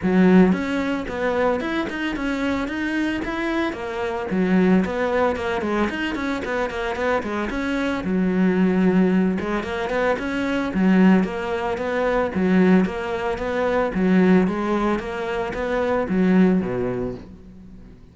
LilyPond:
\new Staff \with { instrumentName = "cello" } { \time 4/4 \tempo 4 = 112 fis4 cis'4 b4 e'8 dis'8 | cis'4 dis'4 e'4 ais4 | fis4 b4 ais8 gis8 dis'8 cis'8 | b8 ais8 b8 gis8 cis'4 fis4~ |
fis4. gis8 ais8 b8 cis'4 | fis4 ais4 b4 fis4 | ais4 b4 fis4 gis4 | ais4 b4 fis4 b,4 | }